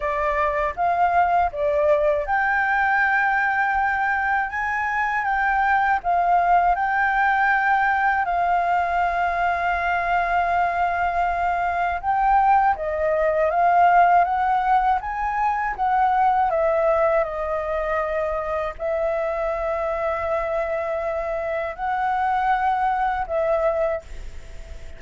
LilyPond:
\new Staff \with { instrumentName = "flute" } { \time 4/4 \tempo 4 = 80 d''4 f''4 d''4 g''4~ | g''2 gis''4 g''4 | f''4 g''2 f''4~ | f''1 |
g''4 dis''4 f''4 fis''4 | gis''4 fis''4 e''4 dis''4~ | dis''4 e''2.~ | e''4 fis''2 e''4 | }